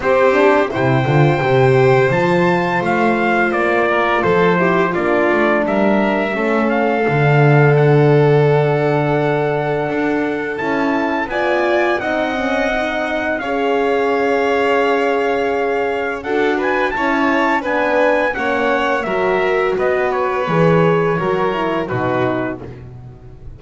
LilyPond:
<<
  \new Staff \with { instrumentName = "trumpet" } { \time 4/4 \tempo 4 = 85 c''4 g''2 a''4 | f''4 d''4 c''4 d''4 | e''4. f''4. fis''4~ | fis''2. a''4 |
gis''4 fis''2 f''4~ | f''2. fis''8 gis''8 | a''4 gis''4 fis''4 e''4 | dis''8 cis''2~ cis''8 b'4 | }
  \new Staff \with { instrumentName = "violin" } { \time 4/4 g'4 c''2.~ | c''4. ais'8 a'8 g'8 f'4 | ais'4 a'2.~ | a'1 |
d''4 dis''2 cis''4~ | cis''2. a'8 b'8 | cis''4 b'4 cis''4 ais'4 | b'2 ais'4 fis'4 | }
  \new Staff \with { instrumentName = "horn" } { \time 4/4 c'8 d'8 e'8 f'8 g'4 f'4~ | f'2~ f'8 e'8 d'4~ | d'4 cis'4 d'2~ | d'2. e'4 |
f'4 dis'8 cis'8 dis'4 gis'4~ | gis'2. fis'4 | e'4 d'4 cis'4 fis'4~ | fis'4 gis'4 fis'8 e'8 dis'4 | }
  \new Staff \with { instrumentName = "double bass" } { \time 4/4 c'4 c8 d8 c4 f4 | a4 ais4 f4 ais8 a8 | g4 a4 d2~ | d2 d'4 cis'4 |
b4 c'2 cis'4~ | cis'2. d'4 | cis'4 b4 ais4 fis4 | b4 e4 fis4 b,4 | }
>>